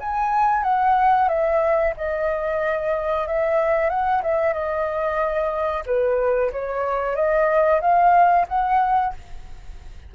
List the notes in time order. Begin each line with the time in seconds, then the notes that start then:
0.00 G#5
0.63 F#5
1.28 E5
1.97 D#5
3.27 E5
3.90 F#5
4.23 E5
4.53 D#5
5.86 B4
6.52 C#5
7.16 D#5
7.81 F5
8.48 F#5